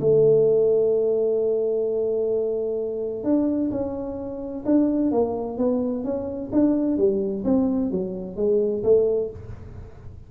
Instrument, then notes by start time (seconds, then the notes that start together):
tuba
0.00 A3
3.24 D4
3.71 C#4
4.65 D4
5.11 A#3
5.58 B3
6.04 C#4
6.52 D4
6.97 G3
7.44 C4
7.91 F#3
8.36 G#3
8.83 A3